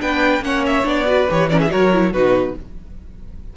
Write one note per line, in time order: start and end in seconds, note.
0.00 0.41 B3
0.00 0.43 D4
0.00 0.45 B4
0.00 0.44 G5
0.41 0.84 A#3
0.41 0.84 C#4
0.41 1.08 C#5
0.41 0.65 F#5
0.67 0.88 E5
0.84 1.29 B3
0.84 1.06 D4
0.84 1.31 D5
1.07 1.28 F#4
1.07 1.50 B4
1.30 1.73 E3
1.30 1.51 G4
1.30 1.49 C#5
1.49 1.69 C#4
1.49 1.60 A#4
1.49 1.60 D5
1.60 1.71 G#4
1.60 1.71 E5
1.69 2.14 F#3
1.69 1.91 F#4
1.69 2.13 A#4
1.69 2.13 C#5
1.93 2.14 E4
2.13 2.56 B2
2.13 2.57 D#4
2.13 2.55 F#4
2.13 2.56 B4